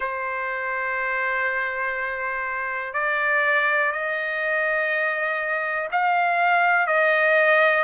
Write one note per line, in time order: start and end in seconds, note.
0.00 2.93 C5
2.93 3.92 D5
3.92 5.88 D#5
5.92 6.86 F5
6.86 7.83 D#5